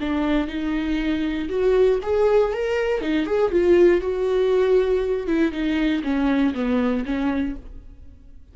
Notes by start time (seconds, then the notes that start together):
0.00 D4
0.47 D#4
1.49 F#4
2.03 G#4
2.53 A#4
3.01 D#4
3.26 G#4
3.51 F4
4.01 F#4
5.27 E4
5.52 D#4
6.03 C#4
6.54 B3
7.05 C#4